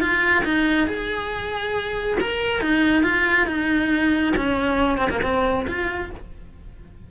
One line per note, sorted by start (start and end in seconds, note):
0.00 0.43 F4
0.44 0.87 D#4
0.87 2.17 G#4
2.20 2.61 A#4
2.61 3.03 D#4
3.03 3.46 F4
3.46 4.33 D#4
4.36 4.98 C#4
4.98 5.09 C4
5.10 5.21 A#3
5.22 5.66 C4
5.67 6.10 F4